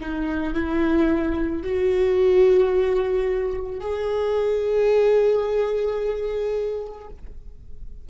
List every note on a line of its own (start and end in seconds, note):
0.00 0.54 D#4
0.54 1.63 E4
1.63 3.80 F#4
3.80 7.08 G#4